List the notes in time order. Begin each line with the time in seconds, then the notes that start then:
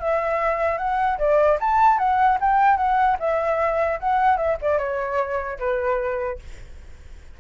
0.00 E5
0.78 F#5
1.18 D5
1.61 A5
1.98 F#5
2.41 G5
2.77 F#5
3.20 E5
4.00 F#5
4.37 E5
4.61 D5
4.78 C#5
5.59 B4